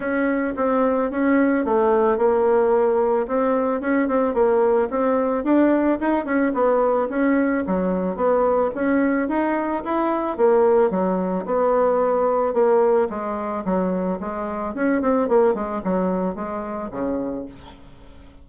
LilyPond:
\new Staff \with { instrumentName = "bassoon" } { \time 4/4 \tempo 4 = 110 cis'4 c'4 cis'4 a4 | ais2 c'4 cis'8 c'8 | ais4 c'4 d'4 dis'8 cis'8 | b4 cis'4 fis4 b4 |
cis'4 dis'4 e'4 ais4 | fis4 b2 ais4 | gis4 fis4 gis4 cis'8 c'8 | ais8 gis8 fis4 gis4 cis4 | }